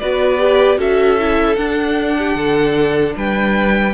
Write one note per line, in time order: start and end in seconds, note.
0.00 0.78 B3
0.00 0.39 F#4
0.00 0.79 B4
0.00 0.79 D5
0.39 0.78 G4
0.78 1.57 C#4
0.78 1.18 F#4
0.78 2.17 A4
0.78 1.56 E5
1.19 1.58 E4
1.56 3.94 D4
1.56 2.36 D4
1.56 3.14 F#5
2.18 2.37 G4
2.36 3.15 D3
2.36 3.16 A4
3.16 3.94 G3
3.16 3.94 B4
3.16 3.94 G5